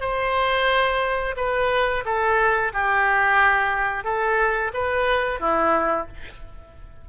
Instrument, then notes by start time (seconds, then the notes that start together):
oboe
0.00 C5
1.36 B4
2.05 A4
2.73 G4
4.04 A4
4.73 B4
5.40 E4